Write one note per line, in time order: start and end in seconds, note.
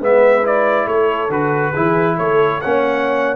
0.00 0.87 G#3
0.00 0.43 B3
0.00 0.87 B4
0.00 0.46 E5
0.43 1.30 E4
0.43 0.88 D5
0.87 1.29 A3
0.87 1.72 A4
0.87 1.31 C#5
1.29 1.73 D3
1.29 1.74 F#4
1.29 2.18 B4
1.72 2.19 E3
1.72 2.62 E4
1.72 2.15 G#4
2.17 2.62 A3
2.17 2.60 A4
2.17 2.61 C#5
2.61 3.36 A#3
2.61 3.36 C#4
2.61 3.36 C#5
2.61 3.36 F#5